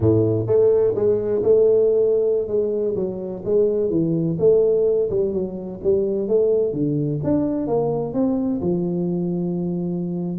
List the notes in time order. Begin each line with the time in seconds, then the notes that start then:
0.00 A2
0.46 A3
0.95 G#3
1.42 A3
2.47 G#3
2.95 F#3
3.44 G#3
3.90 E3
4.39 A3
5.09 G3
5.32 F#3
5.83 G3
6.27 A3
6.73 D3
7.23 D4
7.67 A#3
8.13 C4
8.61 F3